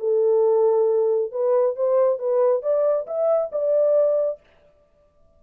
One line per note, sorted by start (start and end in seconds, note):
0.00 1.32 A4
1.32 1.76 B4
1.76 2.19 C5
2.19 2.63 B4
2.63 3.07 D5
3.07 3.52 E5
3.52 4.41 D5